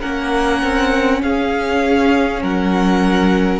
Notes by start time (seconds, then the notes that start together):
0.00 A#3 C#4 A#4 F#5
0.63 C4
1.22 C#4 G#4 F5
2.42 F#3 A#4 F#5